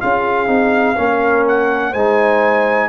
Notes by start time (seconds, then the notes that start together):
0.00 C#4 F4 G#4 F5
0.47 C4 D#4
0.97 A#3 C#4 A#4
1.47 F#5
1.90 G#3 D#4 C5 G#5